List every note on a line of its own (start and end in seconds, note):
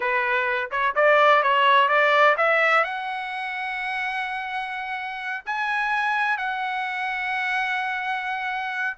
0.00 0.70 B4
0.71 0.94 C#5
0.95 1.42 D5
1.42 1.88 C#5
1.88 2.35 D5
2.37 2.84 E5
2.84 5.44 F#5
5.45 6.37 G#5
6.37 8.97 F#5